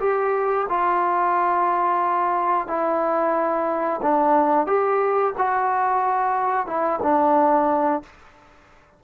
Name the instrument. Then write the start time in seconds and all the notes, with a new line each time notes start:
trombone
0.00 G4
0.69 F4
2.68 E4
4.03 D4
4.67 G4
5.38 F#4
6.67 E4
7.03 D4